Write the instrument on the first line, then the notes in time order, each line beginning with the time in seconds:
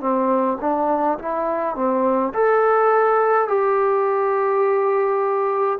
trombone
0.00 C4
0.60 D4
1.18 E4
1.75 C4
2.33 A4
3.48 G4